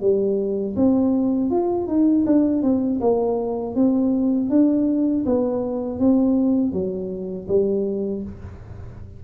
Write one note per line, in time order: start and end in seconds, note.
0.00 0.75 G3
0.75 1.50 C4
1.50 1.87 F4
1.87 2.24 D#4
2.25 2.62 D4
2.62 2.99 C4
3.00 3.75 A#3
3.75 4.49 C4
4.49 5.24 D4
5.25 5.99 B3
5.99 6.72 C4
6.72 7.47 F#3
7.47 8.22 G3